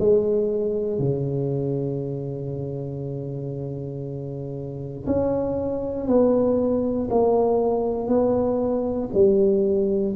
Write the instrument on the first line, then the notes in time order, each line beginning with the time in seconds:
tuba
0.00 G#3
0.99 C#3
5.07 C#4
6.08 B3
7.11 A#3
8.08 B3
9.14 G3